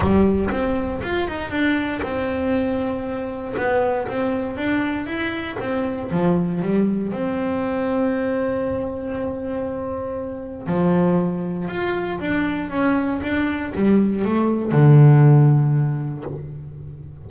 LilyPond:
\new Staff \with { instrumentName = "double bass" } { \time 4/4 \tempo 4 = 118 g4 c'4 f'8 dis'8 d'4 | c'2. b4 | c'4 d'4 e'4 c'4 | f4 g4 c'2~ |
c'1~ | c'4 f2 f'4 | d'4 cis'4 d'4 g4 | a4 d2. | }